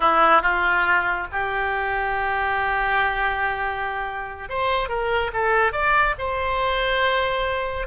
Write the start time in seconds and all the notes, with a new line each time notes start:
0.00 E4
0.42 F4
1.32 G4
4.49 C5
4.88 A#4
5.33 A4
5.72 D5
6.18 C5